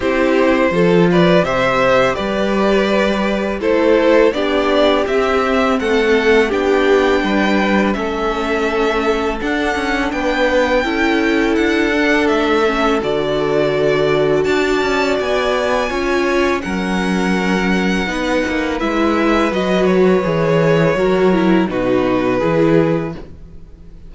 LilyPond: <<
  \new Staff \with { instrumentName = "violin" } { \time 4/4 \tempo 4 = 83 c''4. d''8 e''4 d''4~ | d''4 c''4 d''4 e''4 | fis''4 g''2 e''4~ | e''4 fis''4 g''2 |
fis''4 e''4 d''2 | a''4 gis''2 fis''4~ | fis''2 e''4 dis''8 cis''8~ | cis''2 b'2 | }
  \new Staff \with { instrumentName = "violin" } { \time 4/4 g'4 a'8 b'8 c''4 b'4~ | b'4 a'4 g'2 | a'4 g'4 b'4 a'4~ | a'2 b'4 a'4~ |
a'1 | d''2 cis''4 ais'4~ | ais'4 b'2.~ | b'4 ais'4 fis'4 gis'4 | }
  \new Staff \with { instrumentName = "viola" } { \time 4/4 e'4 f'4 g'2~ | g'4 e'4 d'4 c'4~ | c'4 d'2 cis'4~ | cis'4 d'2 e'4~ |
e'8 d'4 cis'8 fis'2~ | fis'2 f'4 cis'4~ | cis'4 dis'4 e'4 fis'4 | gis'4 fis'8 e'8 dis'4 e'4 | }
  \new Staff \with { instrumentName = "cello" } { \time 4/4 c'4 f4 c4 g4~ | g4 a4 b4 c'4 | a4 b4 g4 a4~ | a4 d'8 cis'8 b4 cis'4 |
d'4 a4 d2 | d'8 cis'8 b4 cis'4 fis4~ | fis4 b8 ais8 gis4 fis4 | e4 fis4 b,4 e4 | }
>>